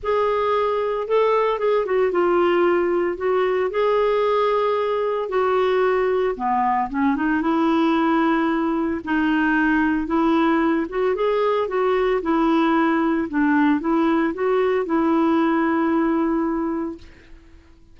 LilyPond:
\new Staff \with { instrumentName = "clarinet" } { \time 4/4 \tempo 4 = 113 gis'2 a'4 gis'8 fis'8 | f'2 fis'4 gis'4~ | gis'2 fis'2 | b4 cis'8 dis'8 e'2~ |
e'4 dis'2 e'4~ | e'8 fis'8 gis'4 fis'4 e'4~ | e'4 d'4 e'4 fis'4 | e'1 | }